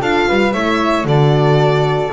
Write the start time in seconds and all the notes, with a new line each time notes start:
0.00 D4 F4 A4 F5
0.28 G3 B4
0.53 A3 E4 C#5 E5
1.04 D3 F#4 A4 D5